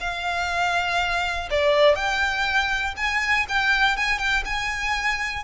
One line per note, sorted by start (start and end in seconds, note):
0.00 1.49 F5
1.51 1.95 D5
1.95 2.95 G5
2.97 3.46 G#5
3.48 3.97 G5
3.97 4.18 G#5
4.18 4.43 G5
4.45 5.44 G#5